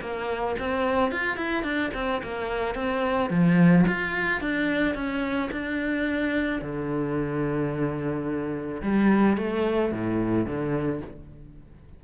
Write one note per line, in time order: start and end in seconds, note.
0.00 0.55 A#3
0.59 1.11 C4
1.11 1.37 F4
1.37 1.63 E4
1.63 1.90 D4
1.94 2.21 C4
2.22 2.74 A#3
2.74 3.30 C4
3.30 3.85 F3
3.87 4.40 F4
4.40 4.94 D4
4.94 5.49 C#4
5.51 6.61 D4
6.61 8.81 D3
8.81 9.37 G3
9.37 9.92 A3
9.92 10.46 A2
10.46 11.01 D3